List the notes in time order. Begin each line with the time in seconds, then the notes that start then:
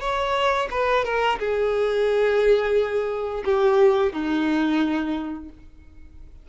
0.00 C#5
0.70 B4
1.04 A#4
1.39 G#4
3.45 G4
4.12 D#4